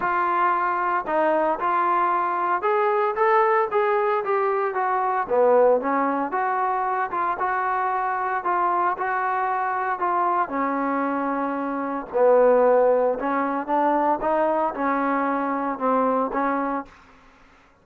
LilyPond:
\new Staff \with { instrumentName = "trombone" } { \time 4/4 \tempo 4 = 114 f'2 dis'4 f'4~ | f'4 gis'4 a'4 gis'4 | g'4 fis'4 b4 cis'4 | fis'4. f'8 fis'2 |
f'4 fis'2 f'4 | cis'2. b4~ | b4 cis'4 d'4 dis'4 | cis'2 c'4 cis'4 | }